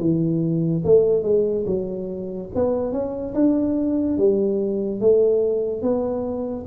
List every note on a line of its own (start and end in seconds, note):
0.00 0.83 E3
0.85 1.23 A3
1.23 1.65 G#3
1.66 2.50 F#3
2.55 2.92 B3
2.92 3.34 C#4
3.35 4.18 D4
4.18 5.01 G3
5.01 5.82 A3
5.82 6.66 B3